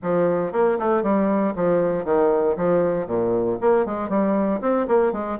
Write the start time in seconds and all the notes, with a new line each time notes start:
0.02 F3
0.52 A#3
0.79 A3
1.02 G3
1.55 F3
2.05 D#3
2.56 F3
3.06 A#2
3.60 A#3
3.85 G#3
4.09 G3
4.61 C4
4.87 A#3
5.12 G#3